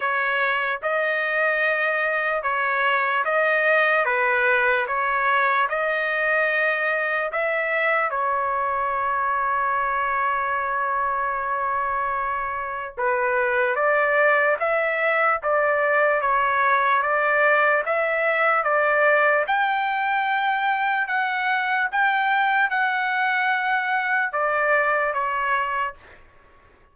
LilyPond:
\new Staff \with { instrumentName = "trumpet" } { \time 4/4 \tempo 4 = 74 cis''4 dis''2 cis''4 | dis''4 b'4 cis''4 dis''4~ | dis''4 e''4 cis''2~ | cis''1 |
b'4 d''4 e''4 d''4 | cis''4 d''4 e''4 d''4 | g''2 fis''4 g''4 | fis''2 d''4 cis''4 | }